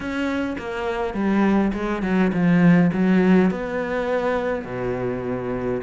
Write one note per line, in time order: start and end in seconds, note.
0.00 0.56 C#4
0.58 1.14 A#3
1.14 1.72 G3
1.73 2.02 G#3
2.02 2.31 F#3
2.32 2.90 F3
2.93 3.50 F#3
3.50 4.64 B3
4.64 5.81 B2